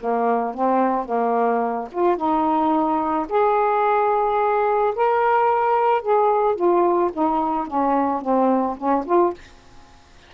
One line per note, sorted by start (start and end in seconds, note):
0.00 0.54 A#3
0.54 1.05 C4
1.05 1.88 A#3
1.92 2.16 F4
2.16 3.27 D#4
3.29 4.94 G#4
4.95 6.02 A#4
6.02 6.55 G#4
6.55 7.10 F4
7.13 7.67 D#4
7.67 8.21 C#4
8.21 8.76 C4
8.77 9.04 C#4
9.06 9.33 F4